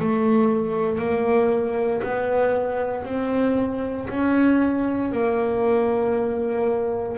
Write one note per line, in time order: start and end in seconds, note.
0.00 0.99 A3
0.99 2.02 A#3
2.03 3.05 B3
3.05 4.08 C4
4.09 5.12 C#4
5.12 7.18 A#3